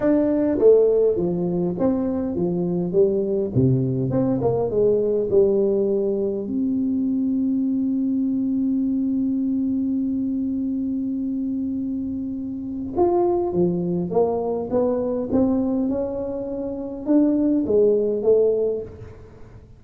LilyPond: \new Staff \with { instrumentName = "tuba" } { \time 4/4 \tempo 4 = 102 d'4 a4 f4 c'4 | f4 g4 c4 c'8 ais8 | gis4 g2 c'4~ | c'1~ |
c'1~ | c'2 f'4 f4 | ais4 b4 c'4 cis'4~ | cis'4 d'4 gis4 a4 | }